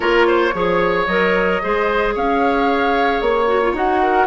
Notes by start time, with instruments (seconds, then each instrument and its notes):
0.00 bassoon A#3, clarinet F4, oboe A#4, flute C#5
0.27 oboe C5
0.53 bassoon F3, clarinet G#4, oboe C#5
1.06 bassoon F#3, clarinet A#4, flute D#5
1.62 bassoon G#3, clarinet G#4, oboe C5
2.14 bassoon C#4, oboe C#5, flute F5
3.21 bassoon A#3, flute C#5
3.47 clarinet F#4
3.61 clarinet F4
3.73 bassoon D#4, clarinet F#4, flute F#5
4.02 oboe A#4